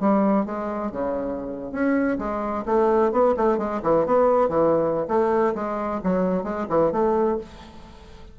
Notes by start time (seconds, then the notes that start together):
0.00 G3
0.46 G#3
0.91 C#3
1.72 C#4
2.19 G#3
2.66 A3
3.12 B3
3.37 A3
3.58 G#3
3.83 E3
4.06 B3
4.49 E3
5.08 A3
5.55 G#3
6.04 F#3
6.44 G#3
6.69 E3
6.92 A3